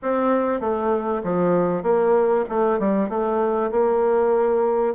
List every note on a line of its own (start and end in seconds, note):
0.02 0.60 C4
0.60 1.22 A3
1.23 1.82 F3
1.82 2.44 A#3
2.49 2.79 A3
2.79 3.09 G3
3.09 3.71 A3
3.71 4.94 A#3